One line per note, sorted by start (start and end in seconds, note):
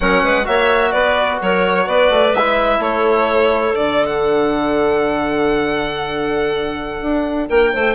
0.00 0.23 F#3
0.00 0.44 C#4
0.00 0.23 A#4
0.00 0.46 F#5
0.23 0.47 G#3
0.23 0.47 B4
0.44 0.93 A#3
0.44 2.31 F#4
0.44 0.92 C#5
0.44 0.91 E5
0.91 1.40 B3
0.91 1.38 B4
0.91 1.38 D5
1.41 1.87 F#3
1.41 1.86 A#4
1.41 1.88 C#5
1.86 2.10 B3
1.86 2.79 B4
1.86 2.34 D5
2.10 2.33 A3
2.33 2.78 G#3
2.33 3.73 E4
2.33 2.81 E5
2.78 3.72 A3
2.78 7.48 A4
2.78 3.75 C#5
3.73 7.01 D3
3.73 7.95 D4
3.73 4.06 D5
4.06 7.46 F#5
7.01 7.48 D4
7.49 7.73 A#3
7.49 7.72 A#4
7.49 7.95 G5
7.73 7.95 A3
7.73 7.95 C5